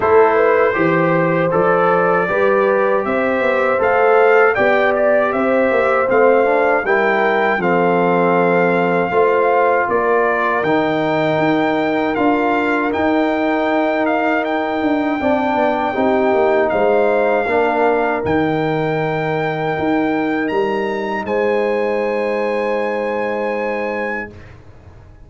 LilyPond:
<<
  \new Staff \with { instrumentName = "trumpet" } { \time 4/4 \tempo 4 = 79 c''2 d''2 | e''4 f''4 g''8 d''8 e''4 | f''4 g''4 f''2~ | f''4 d''4 g''2 |
f''4 g''4. f''8 g''4~ | g''2 f''2 | g''2. ais''4 | gis''1 | }
  \new Staff \with { instrumentName = "horn" } { \time 4/4 a'8 b'8 c''2 b'4 | c''2 d''4 c''4~ | c''4 ais'4 a'2 | c''4 ais'2.~ |
ais'1 | d''4 g'4 c''4 ais'4~ | ais'1 | c''1 | }
  \new Staff \with { instrumentName = "trombone" } { \time 4/4 e'4 g'4 a'4 g'4~ | g'4 a'4 g'2 | c'8 d'8 e'4 c'2 | f'2 dis'2 |
f'4 dis'2. | d'4 dis'2 d'4 | dis'1~ | dis'1 | }
  \new Staff \with { instrumentName = "tuba" } { \time 4/4 a4 e4 f4 g4 | c'8 b8 a4 b4 c'8 ais8 | a4 g4 f2 | a4 ais4 dis4 dis'4 |
d'4 dis'2~ dis'8 d'8 | c'8 b8 c'8 ais8 gis4 ais4 | dis2 dis'4 g4 | gis1 | }
>>